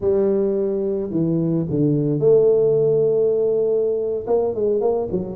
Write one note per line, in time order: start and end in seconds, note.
0.00 1.10 G3
1.10 1.65 E3
1.69 2.19 D3
2.19 4.26 A3
4.26 4.54 A#3
4.54 4.80 G#3
4.80 5.08 A#3
5.11 5.35 F#3